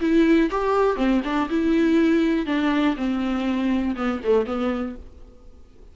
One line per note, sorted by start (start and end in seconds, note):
0.00 0.50 E4
0.50 0.96 G4
0.96 1.21 C4
1.24 1.48 D4
1.49 2.45 E4
2.45 2.95 D4
2.96 3.95 C4
3.96 4.20 B3
4.24 4.45 A3
4.45 4.95 B3